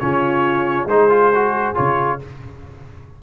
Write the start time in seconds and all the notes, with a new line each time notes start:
0.00 C#3 C#4 F4 C#5
0.86 G#3 D#4 G#4 C5
1.10 F4
1.35 F#4
1.75 C#3 F4 C#5